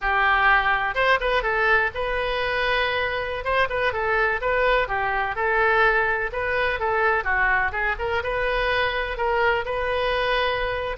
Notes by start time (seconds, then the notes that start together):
0.01 G4
0.94 C5
1.20 B4
1.43 A4
1.94 B4
3.44 C5
3.69 B4
3.93 A4
4.41 B4
4.88 G4
5.35 A4
6.32 B4
6.79 A4
7.24 F#4
7.71 G#4
7.98 A#4
8.23 B4
9.17 A#4
9.65 B4